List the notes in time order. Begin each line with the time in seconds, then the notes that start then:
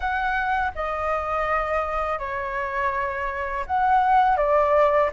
0.00 F#5
0.75 D#5
2.18 C#5
3.66 F#5
4.37 D5